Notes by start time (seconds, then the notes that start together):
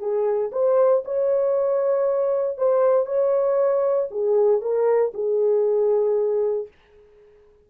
0.00 G#4
0.52 C5
1.05 C#5
2.58 C5
3.07 C#5
4.11 G#4
4.62 A#4
5.14 G#4